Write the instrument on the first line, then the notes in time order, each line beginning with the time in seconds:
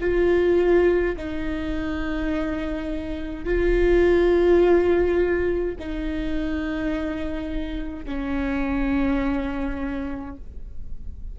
viola
0.00 F4
1.16 D#4
3.45 F4
5.79 D#4
8.05 C#4